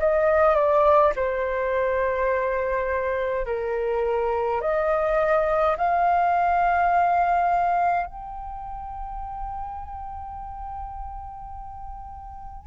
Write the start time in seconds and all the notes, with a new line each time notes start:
0.00 D#5
0.55 D5
1.16 C5
3.46 A#4
4.62 D#5
5.77 F5
8.07 G5